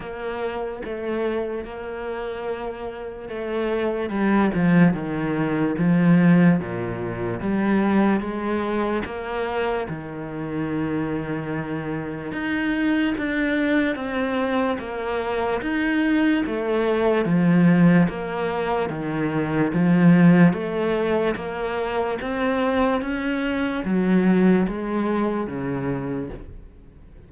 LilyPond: \new Staff \with { instrumentName = "cello" } { \time 4/4 \tempo 4 = 73 ais4 a4 ais2 | a4 g8 f8 dis4 f4 | ais,4 g4 gis4 ais4 | dis2. dis'4 |
d'4 c'4 ais4 dis'4 | a4 f4 ais4 dis4 | f4 a4 ais4 c'4 | cis'4 fis4 gis4 cis4 | }